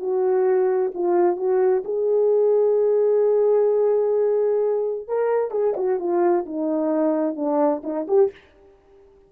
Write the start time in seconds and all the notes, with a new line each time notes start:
0.00 F#4
0.95 F4
1.37 F#4
1.85 G#4
5.08 A#4
5.52 G#4
5.77 F#4
6.00 F4
6.46 D#4
7.36 D4
7.84 D#4
8.08 G4